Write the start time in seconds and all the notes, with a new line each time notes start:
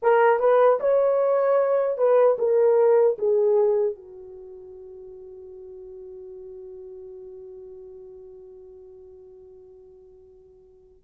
0.02 A#4
0.39 B4
0.79 C#5
1.97 B4
2.38 A#4
3.18 G#4
3.95 F#4